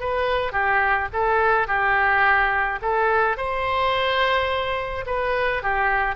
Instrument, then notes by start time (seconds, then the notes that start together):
oboe
0.00 B4
0.52 G4
1.13 A4
1.67 G4
2.82 A4
3.37 C5
5.06 B4
5.63 G4